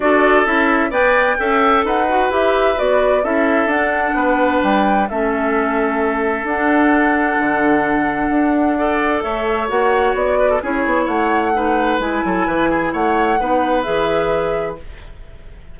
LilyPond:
<<
  \new Staff \with { instrumentName = "flute" } { \time 4/4 \tempo 4 = 130 d''4 e''4 g''2 | fis''4 e''4 d''4 e''4 | fis''2 g''4 e''4~ | e''2 fis''2~ |
fis''1 | e''4 fis''4 d''4 cis''4 | fis''2 gis''2 | fis''2 e''2 | }
  \new Staff \with { instrumentName = "oboe" } { \time 4/4 a'2 d''4 e''4 | b'2. a'4~ | a'4 b'2 a'4~ | a'1~ |
a'2. d''4 | cis''2~ cis''8 b'16 a'16 gis'4 | cis''4 b'4. a'8 b'8 gis'8 | cis''4 b'2. | }
  \new Staff \with { instrumentName = "clarinet" } { \time 4/4 fis'4 e'4 b'4 a'4~ | a'8 fis'8 g'4 fis'4 e'4 | d'2. cis'4~ | cis'2 d'2~ |
d'2. a'4~ | a'4 fis'2 e'4~ | e'4 dis'4 e'2~ | e'4 dis'4 gis'2 | }
  \new Staff \with { instrumentName = "bassoon" } { \time 4/4 d'4 cis'4 b4 cis'4 | dis'4 e'4 b4 cis'4 | d'4 b4 g4 a4~ | a2 d'2 |
d2 d'2 | a4 ais4 b4 cis'8 b8 | a2 gis8 fis8 e4 | a4 b4 e2 | }
>>